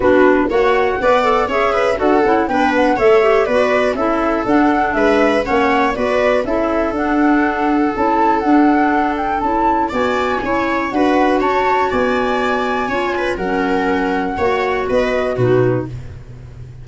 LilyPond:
<<
  \new Staff \with { instrumentName = "flute" } { \time 4/4 \tempo 4 = 121 b'4 fis''2 e''4 | fis''4 g''8 fis''8 e''4 d''4 | e''4 fis''4 e''4 fis''4 | d''4 e''4 fis''2 |
a''4 fis''4. g''8 a''4 | gis''2 fis''4 a''4 | gis''2. fis''4~ | fis''2 dis''4 b'4 | }
  \new Staff \with { instrumentName = "viola" } { \time 4/4 fis'4 cis''4 d''4 cis''8 b'8 | a'4 b'4 cis''4 b'4 | a'2 b'4 cis''4 | b'4 a'2.~ |
a'1 | d''4 cis''4 b'4 cis''4 | d''2 cis''8 b'8 ais'4~ | ais'4 cis''4 b'4 fis'4 | }
  \new Staff \with { instrumentName = "clarinet" } { \time 4/4 d'4 fis'4 b'8 a'8 gis'4 | fis'8 e'8 d'4 a'8 g'8 fis'4 | e'4 d'2 cis'4 | fis'4 e'4 d'2 |
e'4 d'2 e'4 | fis'4 e'4 fis'2~ | fis'2 f'4 cis'4~ | cis'4 fis'2 dis'4 | }
  \new Staff \with { instrumentName = "tuba" } { \time 4/4 b4 ais4 b4 cis'4 | d'8 cis'8 b4 a4 b4 | cis'4 d'4 gis4 ais4 | b4 cis'4 d'2 |
cis'4 d'2 cis'4 | b4 cis'4 d'4 cis'4 | b2 cis'4 fis4~ | fis4 ais4 b4 b,4 | }
>>